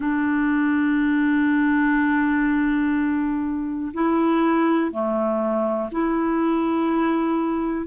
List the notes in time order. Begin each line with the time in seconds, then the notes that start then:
0.00 D4
3.93 E4
4.91 A3
5.91 E4